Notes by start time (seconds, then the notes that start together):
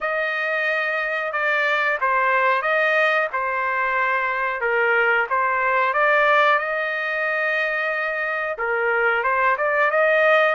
0.00 D#5
1.32 D5
2.00 C5
2.62 D#5
3.32 C5
4.60 A#4
5.29 C5
5.93 D5
6.58 D#5
8.57 A#4
9.23 C5
9.57 D5
9.90 D#5